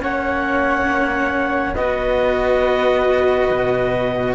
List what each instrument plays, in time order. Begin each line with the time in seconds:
0.00 cello A#3 C#4, flute C#5, clarinet F#5
1.74 cello B3 F#4, flute B4, clarinet D#5
3.52 cello B2